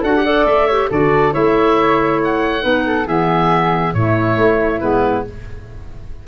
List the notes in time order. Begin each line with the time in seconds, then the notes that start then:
0.00 D4 F#4 A4 F#5
0.15 G4
0.24 A4 D5
0.44 A3 E5
0.66 G4 C#5
0.89 D3 F#4 A4 D5
1.31 A3 E4 C#5 E5
2.24 F#5
2.60 B3 D#4 B4
2.86 A4
3.06 E3 B3 G#4 E5
3.93 A2 A3 E4 C#5
4.36 A3
4.80 G#3 B3 B4